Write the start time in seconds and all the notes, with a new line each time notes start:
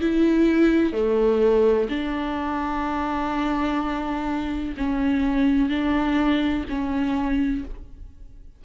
0.00 E4
0.93 A3
1.89 D4
4.77 C#4
5.69 D4
6.69 C#4